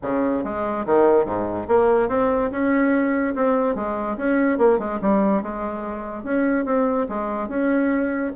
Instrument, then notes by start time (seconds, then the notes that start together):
bassoon
0.02 C#3
0.44 G#3
0.85 D#3
1.25 G#2
1.68 A#3
2.09 C4
2.51 C#4
3.35 C4
3.75 G#3
4.17 C#4
4.58 A#3
4.79 G#3
5.01 G3
5.42 G#3
6.23 C#4
6.65 C4
7.09 G#3
7.48 C#4